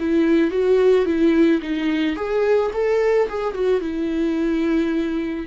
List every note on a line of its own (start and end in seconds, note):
0.00 0.51 E4
0.51 1.06 F#4
1.06 1.61 E4
1.62 2.16 D#4
2.16 2.71 G#4
2.74 3.29 A4
3.29 3.55 G#4
3.55 3.81 F#4
3.81 5.46 E4